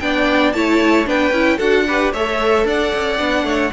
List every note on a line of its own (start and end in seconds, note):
0.00 0.53 B3
0.00 0.55 D4
0.00 0.56 D5
0.00 0.53 G5
0.53 1.07 A3
0.53 1.06 E4
0.53 1.08 C#5
0.53 1.06 A5
1.06 1.32 B3
1.06 1.32 D4
1.06 1.57 B4
1.06 1.59 G5
1.32 1.58 C#4
1.32 1.59 E4
1.57 2.13 D4
1.57 1.86 F#4
1.57 1.84 A4
1.57 2.12 F#5
1.88 2.15 G4
1.88 2.13 B4
2.13 2.65 A3
2.13 3.18 A4
2.13 2.66 C#5
2.13 2.67 E5
2.65 2.91 D4
2.65 3.45 D5
2.65 3.73 F#5
2.95 3.20 C#4
3.18 3.44 B3
3.18 3.71 D4
3.44 3.71 A3
3.44 3.72 C#5